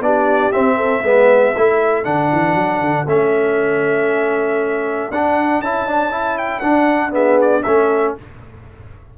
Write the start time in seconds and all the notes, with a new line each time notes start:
0.00 B3 D4 G4 D5
0.52 C4 E5
0.76 A4
1.02 G#3 B3 B4
1.54 A3 E4 A4
2.04 D3 D4 F#5
2.32 E3
2.55 F#3
2.80 D3
3.06 A3 C#4 E5
5.11 D4 F#5
5.60 C#4 E4 A5
5.87 D4
6.11 E4
6.38 G5
6.60 D4 F#5
7.11 B3 G#4 E5
7.41 D5
7.63 A3 C#4 A4 E5